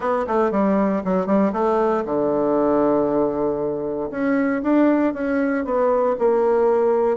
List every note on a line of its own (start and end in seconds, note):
0.00 0.25 B3
0.27 0.51 A3
0.51 1.02 G3
1.04 1.26 F#3
1.26 1.52 G3
1.52 2.04 A3
2.05 4.10 D3
4.10 4.62 C#4
4.62 5.13 D4
5.13 5.64 C#4
5.64 6.15 B3
6.19 7.17 A#3